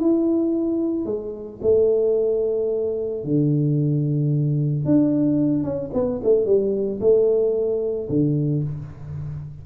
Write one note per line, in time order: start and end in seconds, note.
0.00 1.05 E4
1.05 1.59 G#3
1.62 3.24 A3
3.24 4.85 D3
4.85 5.63 D4
5.63 5.90 C#4
5.93 6.20 B3
6.23 6.45 A3
6.45 6.99 G3
7.00 8.08 A3
8.09 8.63 D3